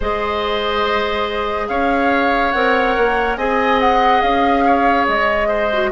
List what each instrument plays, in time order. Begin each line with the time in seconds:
0.00 bassoon G#3, clarinet G#4, oboe C5, flute D#5
1.68 bassoon C#4, oboe C#5, flute F5
2.51 bassoon C4, clarinet A#4, flute F#5
2.97 bassoon A#3
3.37 bassoon C4, clarinet G#4, oboe D#5, flute G#5
3.79 flute F#5
4.21 bassoon C#4, flute F5
4.65 oboe C#5
5.07 bassoon G#3, flute D#5
5.48 oboe C5
5.73 clarinet F#4